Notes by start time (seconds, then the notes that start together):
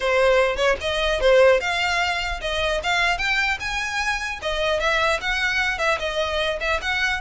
0.00 C5
0.56 C#5
0.81 D#5
1.20 C5
1.60 F5
2.41 D#5
2.83 F5
3.17 G5
3.59 G#5
4.42 D#5
4.80 E5
5.21 F#5
5.78 E5
5.99 D#5
6.60 E5
6.81 F#5